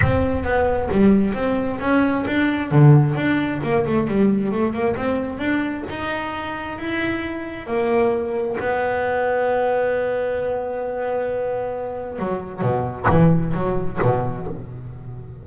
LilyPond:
\new Staff \with { instrumentName = "double bass" } { \time 4/4 \tempo 4 = 133 c'4 b4 g4 c'4 | cis'4 d'4 d4 d'4 | ais8 a8 g4 a8 ais8 c'4 | d'4 dis'2 e'4~ |
e'4 ais2 b4~ | b1~ | b2. fis4 | b,4 e4 fis4 b,4 | }